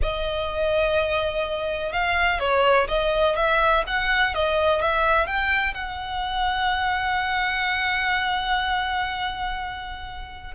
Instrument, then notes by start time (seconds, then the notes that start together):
violin
0.02 D#5
1.92 F5
2.39 C#5
2.88 D#5
3.36 E5
3.87 F#5
4.34 D#5
4.81 E5
5.26 G5
5.73 F#5